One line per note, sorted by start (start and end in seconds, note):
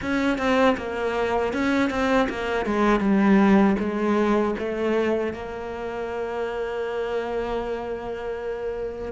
0.01 0.38 C#4
0.38 0.76 C4
0.77 1.53 A#3
1.53 1.90 C#4
1.90 2.28 C4
2.29 2.65 A#3
2.65 3.00 G#3
3.00 3.76 G3
3.79 4.55 G#3
4.58 5.33 A3
5.33 9.12 A#3